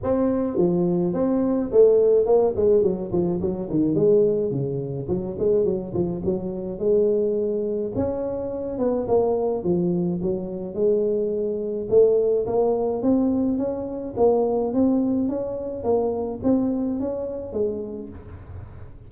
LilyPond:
\new Staff \with { instrumentName = "tuba" } { \time 4/4 \tempo 4 = 106 c'4 f4 c'4 a4 | ais8 gis8 fis8 f8 fis8 dis8 gis4 | cis4 fis8 gis8 fis8 f8 fis4 | gis2 cis'4. b8 |
ais4 f4 fis4 gis4~ | gis4 a4 ais4 c'4 | cis'4 ais4 c'4 cis'4 | ais4 c'4 cis'4 gis4 | }